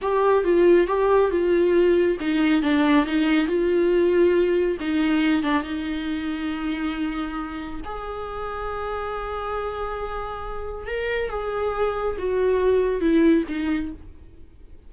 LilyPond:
\new Staff \with { instrumentName = "viola" } { \time 4/4 \tempo 4 = 138 g'4 f'4 g'4 f'4~ | f'4 dis'4 d'4 dis'4 | f'2. dis'4~ | dis'8 d'8 dis'2.~ |
dis'2 gis'2~ | gis'1~ | gis'4 ais'4 gis'2 | fis'2 e'4 dis'4 | }